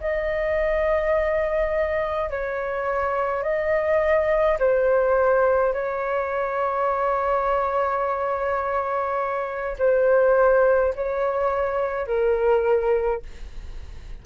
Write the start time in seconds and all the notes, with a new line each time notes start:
0.00 D#5
2.30 C#5
3.42 D#5
4.59 C5
5.73 C#5
9.78 C5
10.95 C#5
12.06 A#4